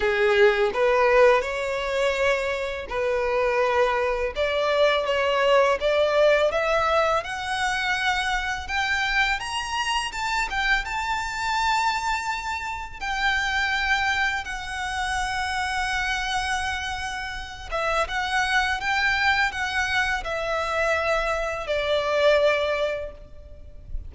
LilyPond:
\new Staff \with { instrumentName = "violin" } { \time 4/4 \tempo 4 = 83 gis'4 b'4 cis''2 | b'2 d''4 cis''4 | d''4 e''4 fis''2 | g''4 ais''4 a''8 g''8 a''4~ |
a''2 g''2 | fis''1~ | fis''8 e''8 fis''4 g''4 fis''4 | e''2 d''2 | }